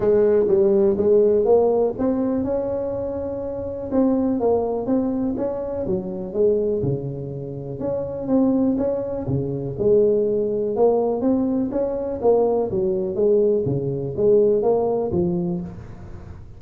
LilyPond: \new Staff \with { instrumentName = "tuba" } { \time 4/4 \tempo 4 = 123 gis4 g4 gis4 ais4 | c'4 cis'2. | c'4 ais4 c'4 cis'4 | fis4 gis4 cis2 |
cis'4 c'4 cis'4 cis4 | gis2 ais4 c'4 | cis'4 ais4 fis4 gis4 | cis4 gis4 ais4 f4 | }